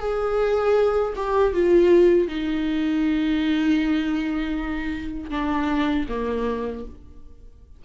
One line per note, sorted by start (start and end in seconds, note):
0.00 1.14 G#4
1.16 1.54 G4
1.54 2.29 F4
2.29 5.31 D#4
5.31 6.07 D4
6.09 6.85 A#3